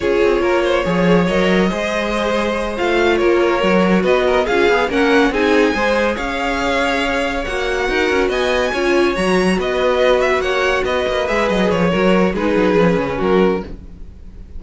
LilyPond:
<<
  \new Staff \with { instrumentName = "violin" } { \time 4/4 \tempo 4 = 141 cis''2. dis''4~ | dis''2~ dis''8 f''4 cis''8~ | cis''4. dis''4 f''4 fis''8~ | fis''8 gis''2 f''4.~ |
f''4. fis''2 gis''8~ | gis''4. ais''4 dis''4. | e''8 fis''4 dis''4 e''8 dis''8 cis''8~ | cis''4 b'2 ais'4 | }
  \new Staff \with { instrumentName = "violin" } { \time 4/4 gis'4 ais'8 c''8 cis''2 | c''2.~ c''8 ais'8~ | ais'4. b'8 ais'8 gis'4 ais'8~ | ais'8 gis'4 c''4 cis''4.~ |
cis''2~ cis''8 ais'4 dis''8~ | dis''8 cis''2 b'4.~ | b'8 cis''4 b'2~ b'8 | ais'4 gis'2 fis'4 | }
  \new Staff \with { instrumentName = "viola" } { \time 4/4 f'2 gis'4 ais'4 | gis'2~ gis'8 f'4.~ | f'8 fis'2 f'8 gis'8 cis'8~ | cis'8 dis'4 gis'2~ gis'8~ |
gis'4. fis'2~ fis'8~ | fis'8 f'4 fis'2~ fis'8~ | fis'2~ fis'8 gis'4. | fis'4 dis'4 cis'2 | }
  \new Staff \with { instrumentName = "cello" } { \time 4/4 cis'8 c'8 ais4 f4 fis4 | gis2~ gis8 a4 ais8~ | ais8 fis4 b4 cis'8 b8 ais8~ | ais8 c'4 gis4 cis'4.~ |
cis'4. ais4 dis'8 cis'8 b8~ | b8 cis'4 fis4 b4.~ | b8 ais4 b8 ais8 gis8 fis8 f8 | fis4 gis8 fis8 f8 cis8 fis4 | }
>>